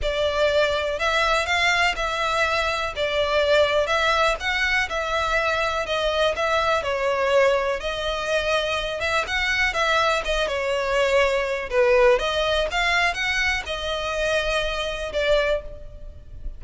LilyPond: \new Staff \with { instrumentName = "violin" } { \time 4/4 \tempo 4 = 123 d''2 e''4 f''4 | e''2 d''2 | e''4 fis''4 e''2 | dis''4 e''4 cis''2 |
dis''2~ dis''8 e''8 fis''4 | e''4 dis''8 cis''2~ cis''8 | b'4 dis''4 f''4 fis''4 | dis''2. d''4 | }